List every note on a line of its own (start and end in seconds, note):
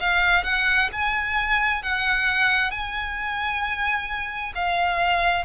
0.00 0.44 F5
0.44 0.89 F#5
0.92 1.83 G#5
1.83 2.71 F#5
2.71 4.53 G#5
4.55 5.45 F5